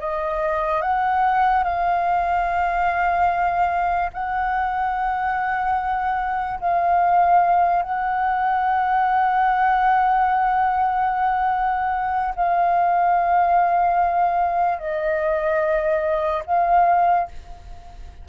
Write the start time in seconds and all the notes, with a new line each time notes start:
0.00 D#5
0.81 F#5
1.63 F5
4.13 F#5
6.60 F5
7.82 F#5
12.35 F5
14.79 D#5
16.46 F5